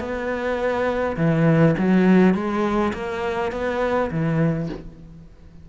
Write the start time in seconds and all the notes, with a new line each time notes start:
0.00 B3
1.17 E3
1.78 F#3
2.34 G#3
2.94 A#3
3.52 B3
4.11 E3